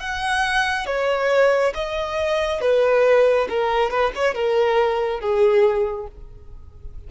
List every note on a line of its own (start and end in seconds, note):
0.00 0.86 F#5
0.86 1.73 C#5
1.74 2.61 D#5
2.61 3.48 B4
3.49 3.91 A#4
3.91 4.12 B4
4.15 4.34 C#5
4.34 5.20 A#4
5.20 6.07 G#4